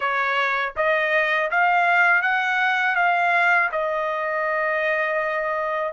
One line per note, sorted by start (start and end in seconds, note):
0.00 0.72 C#5
0.76 1.50 D#5
1.50 2.22 F5
2.22 2.95 F#5
2.95 3.69 F5
3.71 5.92 D#5